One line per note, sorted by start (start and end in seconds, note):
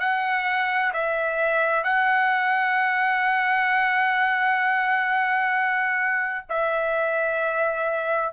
0.00 0.92 F#5
0.93 1.83 E5
1.83 6.45 F#5
6.49 8.33 E5